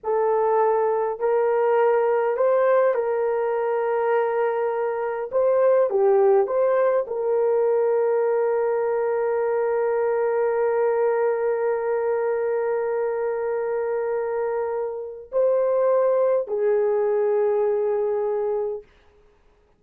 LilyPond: \new Staff \with { instrumentName = "horn" } { \time 4/4 \tempo 4 = 102 a'2 ais'2 | c''4 ais'2.~ | ais'4 c''4 g'4 c''4 | ais'1~ |
ais'1~ | ais'1~ | ais'2 c''2 | gis'1 | }